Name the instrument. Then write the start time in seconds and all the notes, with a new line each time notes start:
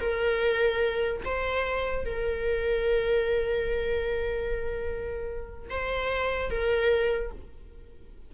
viola
0.00 A#4
1.25 C5
2.05 A#4
5.70 C5
6.50 A#4